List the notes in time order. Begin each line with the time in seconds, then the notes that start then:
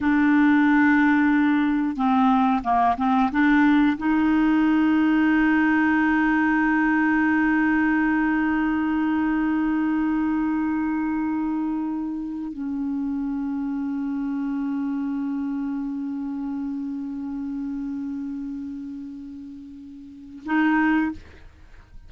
0.01 D4
1.96 C4
2.63 A#3
2.97 C4
3.31 D4
3.97 D#4
12.52 C#4
20.45 D#4